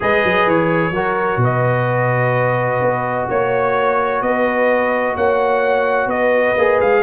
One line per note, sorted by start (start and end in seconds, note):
0.00 0.24 G#3
0.00 0.92 G#4
0.00 0.93 B4
0.00 0.49 D#5
0.24 0.46 F#3
0.46 0.90 E3
0.46 1.43 C#5
0.90 1.36 F#3
0.90 6.57 F#4
0.90 1.40 A#4
1.36 2.77 B2
1.36 3.29 B4
1.44 3.29 D#5
2.81 3.28 B3
3.29 4.21 A#3
3.29 4.22 C#5
4.21 5.15 B3
4.21 5.15 B4
4.21 5.16 D#5
5.15 6.06 A#3
5.15 6.09 C#5
5.15 6.09 F#5
6.06 6.53 B3
6.06 7.02 B4
6.06 6.80 D#5
6.56 6.80 A#3
6.56 7.02 G#4
6.80 7.02 G#3
6.80 7.02 F5